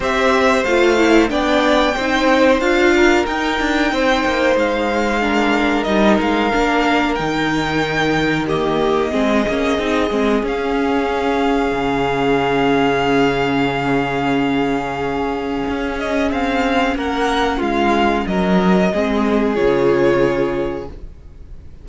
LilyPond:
<<
  \new Staff \with { instrumentName = "violin" } { \time 4/4 \tempo 4 = 92 e''4 f''4 g''2 | f''4 g''2 f''4~ | f''4 dis''8 f''4. g''4~ | g''4 dis''2. |
f''1~ | f''1~ | f''8 dis''8 f''4 fis''4 f''4 | dis''2 cis''2 | }
  \new Staff \with { instrumentName = "violin" } { \time 4/4 c''2 d''4 c''4~ | c''8 ais'4. c''2 | ais'1~ | ais'4 g'4 gis'2~ |
gis'1~ | gis'1~ | gis'2 ais'4 f'4 | ais'4 gis'2. | }
  \new Staff \with { instrumentName = "viola" } { \time 4/4 g'4 f'8 e'8 d'4 dis'4 | f'4 dis'2. | d'4 dis'4 d'4 dis'4~ | dis'4 ais4 c'8 cis'8 dis'8 c'8 |
cis'1~ | cis'1~ | cis'1~ | cis'4 c'4 f'2 | }
  \new Staff \with { instrumentName = "cello" } { \time 4/4 c'4 a4 b4 c'4 | d'4 dis'8 d'8 c'8 ais8 gis4~ | gis4 g8 gis8 ais4 dis4~ | dis2 gis8 ais8 c'8 gis8 |
cis'2 cis2~ | cis1 | cis'4 c'4 ais4 gis4 | fis4 gis4 cis2 | }
>>